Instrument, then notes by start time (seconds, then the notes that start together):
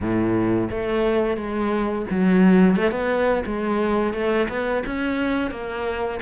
cello
0.00 A2
0.70 A3
1.36 G#3
2.10 F#3
2.76 A3
2.91 B3
3.46 G#3
4.13 A3
4.48 B3
4.86 C#4
5.50 A#3